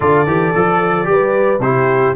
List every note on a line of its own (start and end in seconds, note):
0.00 0.26 D3
0.00 0.26 F4
0.00 1.07 A4
0.00 1.61 D5
0.26 0.53 E3
0.26 0.54 G4
0.54 1.08 F3
0.54 1.04 A4
1.04 1.59 G3
1.04 1.58 G4
1.04 1.62 B4
1.59 2.12 C3
1.59 2.15 E4
1.59 2.15 G4
1.59 2.14 C5